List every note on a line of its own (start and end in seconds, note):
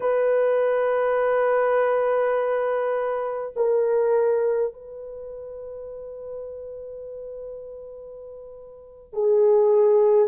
0.00 3.53 B4
3.56 4.73 A#4
4.73 9.13 B4
9.13 10.28 G#4